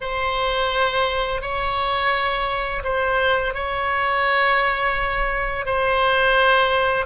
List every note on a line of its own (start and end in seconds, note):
0.00 1.41 C5
1.41 2.82 C#5
2.83 3.54 C5
3.54 5.65 C#5
5.65 7.05 C5